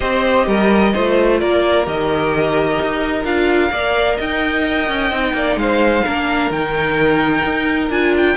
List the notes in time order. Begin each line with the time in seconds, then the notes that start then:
0.00 C4 G4 C5 D#5
0.47 G3 A#4
0.93 A3 F4 C5
1.39 A#3 A#4 D5
1.84 D#3 G4 D#5
2.81 D#4
3.24 D4 F4 F5
3.71 A#3 A#4 D5
4.16 D#4 D#5 G5
4.88 C#4
5.11 C4 D#4
5.33 A#3 D5
5.56 G#3 C5 F5
6.04 A#3 D4 A#4
6.50 D#3 D#4 G5
7.44 D#4
7.89 D4 F4 G#5
8.16 G5